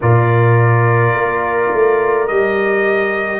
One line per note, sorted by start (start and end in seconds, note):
0.01 1.14 A#2
0.01 2.27 F4
0.01 3.39 A#4
0.01 2.27 D5
1.14 1.70 A#3
1.73 2.29 A3
2.27 3.39 G3
2.27 3.39 G4
2.27 3.39 D#5